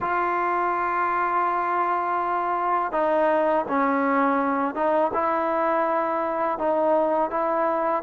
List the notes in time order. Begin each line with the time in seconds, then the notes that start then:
0.00 F4
2.91 D#4
3.68 C#4
4.74 D#4
5.13 E4
6.58 D#4
7.30 E4